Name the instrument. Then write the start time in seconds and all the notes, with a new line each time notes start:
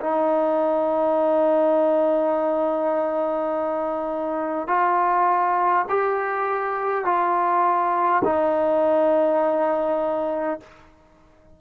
trombone
0.00 D#4
4.67 F4
5.89 G4
7.04 F4
8.24 D#4